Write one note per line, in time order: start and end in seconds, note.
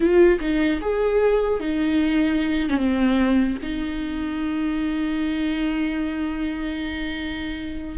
0.00 0.39 F4
0.40 0.80 D#4
0.81 1.59 G#4
1.59 2.69 D#4
2.69 2.77 C#4
2.77 3.57 C4
3.62 7.98 D#4